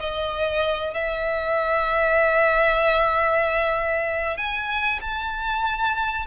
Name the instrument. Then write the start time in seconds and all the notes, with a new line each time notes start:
violin
0.00 D#5
0.94 E5
4.37 G#5
5.01 A5